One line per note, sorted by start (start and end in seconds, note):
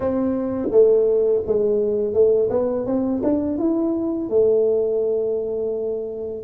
0.00 0.69 C4
0.71 1.42 A3
1.46 2.13 G#3
2.13 2.49 A3
2.50 2.85 B3
2.86 3.21 C4
3.23 3.58 D4
3.58 4.29 E4
4.29 6.43 A3